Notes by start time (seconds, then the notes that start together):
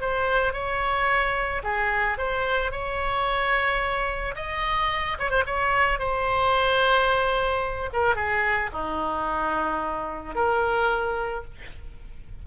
0.00 C5
0.53 C#5
1.63 G#4
2.17 C5
2.71 C#5
4.35 D#5
5.19 C#5
5.30 C5
5.46 C#5
5.99 C5
7.92 A#4
8.15 G#4
8.72 D#4
10.35 A#4